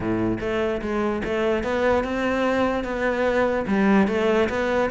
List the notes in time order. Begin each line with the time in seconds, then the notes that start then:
0.00 A2
0.40 A3
0.81 G#3
1.24 A3
1.63 B3
2.04 C4
2.83 B3
3.67 G3
4.07 A3
4.49 B3